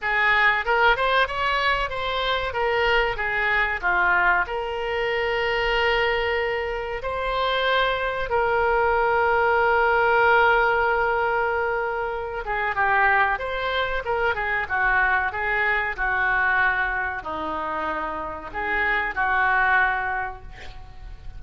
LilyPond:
\new Staff \with { instrumentName = "oboe" } { \time 4/4 \tempo 4 = 94 gis'4 ais'8 c''8 cis''4 c''4 | ais'4 gis'4 f'4 ais'4~ | ais'2. c''4~ | c''4 ais'2.~ |
ais'2.~ ais'8 gis'8 | g'4 c''4 ais'8 gis'8 fis'4 | gis'4 fis'2 dis'4~ | dis'4 gis'4 fis'2 | }